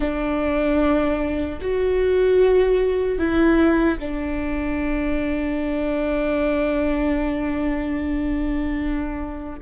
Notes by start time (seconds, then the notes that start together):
0.00 D4
1.61 F#4
3.18 E4
3.99 D4